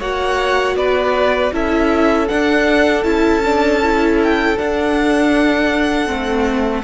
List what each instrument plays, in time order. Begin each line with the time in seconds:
0.00 cello A#3, viola F#4, violin C#5 F#5
0.76 cello B3, violin B4 D5
1.53 cello C#4, viola E4, violin A4 E5
2.28 viola D4, cello D4, violin F#5
3.04 cello C#4, viola E4, violin A5
3.45 viola D4
3.83 viola E4
4.23 violin G5
4.57 viola D4, cello D4, violin F#5
6.07 cello A3, viola C4